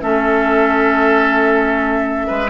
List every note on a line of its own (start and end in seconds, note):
0.00 2.29 A3
0.00 2.50 C#4
0.00 2.27 A4
0.00 2.50 E5
2.27 2.50 G#3
2.27 2.49 B4